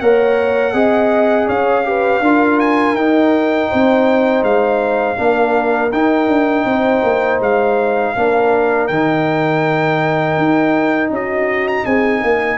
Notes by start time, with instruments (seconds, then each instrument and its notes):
0.00 tuba A#3, trombone A#4, horn C#5, trumpet F#5
0.73 tuba C4, trombone G#4, horn D#5
1.47 tuba C#4, horn C#5, trumpet F5
1.84 trombone G4, horn B4
2.20 tuba D4, trombone F4, horn A#4
2.60 trumpet G#5
2.94 tuba D#4, trombone D#4, trumpet G5
3.70 tuba C4, horn C5
4.42 tuba G#3, trumpet F5
5.16 tuba A#3, trombone D4, horn A#4
5.92 tuba D#4, trombone D#4, trumpet G5
6.27 tuba D4
6.65 tuba C4, horn C5
7.03 tuba A#3
7.40 tuba G#3, trumpet F5
8.16 tuba A#3, trombone D4, horn A#4
8.87 tuba D#3, trombone D#4, trumpet G5
10.37 tuba D#4
11.10 tuba C#4, horn F#4, trumpet D#5
11.68 trumpet A#5
11.85 tuba C4, horn G#4, trumpet G#5
12.20 tuba A#3, horn A#4